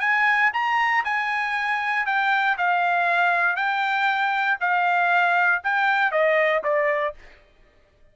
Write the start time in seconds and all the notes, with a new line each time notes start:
0.00 G#5
0.53 A#5
1.04 G#5
2.06 G5
2.57 F5
3.56 G5
4.60 F5
5.63 G5
6.12 D#5
6.63 D5